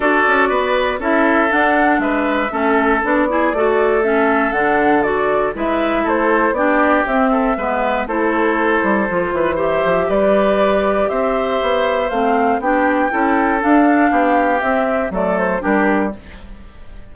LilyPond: <<
  \new Staff \with { instrumentName = "flute" } { \time 4/4 \tempo 4 = 119 d''2 e''4 fis''4 | e''2 d''2 | e''4 fis''4 d''4 e''4 | c''4 d''4 e''2 |
c''2. e''4 | d''2 e''2 | f''4 g''2 f''4~ | f''4 e''4 d''8 c''8 ais'4 | }
  \new Staff \with { instrumentName = "oboe" } { \time 4/4 a'4 b'4 a'2 | b'4 a'4. gis'8 a'4~ | a'2. b'4 | a'4 g'4. a'8 b'4 |
a'2~ a'8 b'8 c''4 | b'2 c''2~ | c''4 g'4 a'2 | g'2 a'4 g'4 | }
  \new Staff \with { instrumentName = "clarinet" } { \time 4/4 fis'2 e'4 d'4~ | d'4 cis'4 d'8 e'8 fis'4 | cis'4 d'4 fis'4 e'4~ | e'4 d'4 c'4 b4 |
e'2 f'4 g'4~ | g'1 | c'4 d'4 e'4 d'4~ | d'4 c'4 a4 d'4 | }
  \new Staff \with { instrumentName = "bassoon" } { \time 4/4 d'8 cis'8 b4 cis'4 d'4 | gis4 a4 b4 a4~ | a4 d2 gis4 | a4 b4 c'4 gis4 |
a4. g8 f8 e4 f8 | g2 c'4 b4 | a4 b4 cis'4 d'4 | b4 c'4 fis4 g4 | }
>>